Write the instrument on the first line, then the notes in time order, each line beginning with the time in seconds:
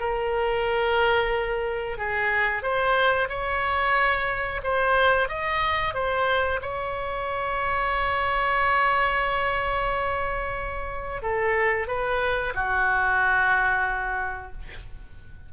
oboe
0.00 A#4
1.98 G#4
2.63 C5
3.29 C#5
4.64 C5
5.29 D#5
5.94 C5
6.61 C#5
11.22 A4
11.87 B4
12.55 F#4